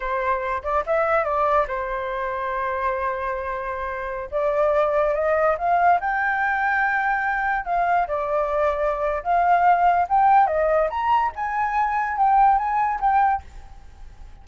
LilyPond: \new Staff \with { instrumentName = "flute" } { \time 4/4 \tempo 4 = 143 c''4. d''8 e''4 d''4 | c''1~ | c''2~ c''16 d''4.~ d''16~ | d''16 dis''4 f''4 g''4.~ g''16~ |
g''2~ g''16 f''4 d''8.~ | d''2 f''2 | g''4 dis''4 ais''4 gis''4~ | gis''4 g''4 gis''4 g''4 | }